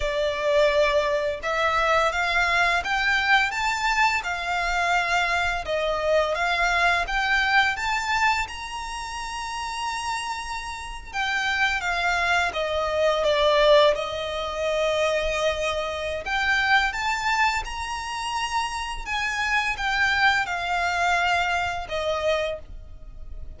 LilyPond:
\new Staff \with { instrumentName = "violin" } { \time 4/4 \tempo 4 = 85 d''2 e''4 f''4 | g''4 a''4 f''2 | dis''4 f''4 g''4 a''4 | ais''2.~ ais''8. g''16~ |
g''8. f''4 dis''4 d''4 dis''16~ | dis''2. g''4 | a''4 ais''2 gis''4 | g''4 f''2 dis''4 | }